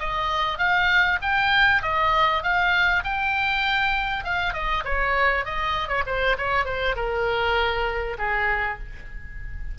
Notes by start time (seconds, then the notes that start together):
0.00 D#5
0.59 F5
1.22 G5
1.83 D#5
2.43 F5
3.04 G5
4.25 F5
4.54 D#5
4.85 C#5
5.46 D#5
5.89 C#5
6.07 C5
6.38 C#5
6.66 C5
6.96 A#4
8.19 G#4